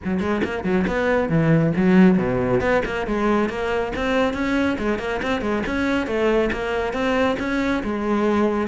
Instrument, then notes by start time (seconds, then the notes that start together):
cello
0.04 F#3
0.20 G#3
0.44 A#3
0.63 F#3
0.87 B3
1.29 E3
1.76 F#3
2.18 B2
2.60 B3
2.85 A#3
3.07 G#3
3.49 A#3
3.95 C4
4.33 C#4
4.78 G#3
4.99 A#3
5.22 C4
5.41 G#3
5.66 C#4
6.06 A3
6.52 A#3
6.93 C4
7.39 C#4
7.83 G#3